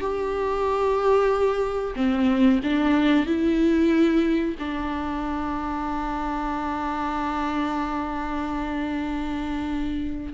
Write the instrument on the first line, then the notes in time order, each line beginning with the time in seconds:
viola
0.00 G4
1.96 C4
2.63 D4
3.26 E4
4.59 D4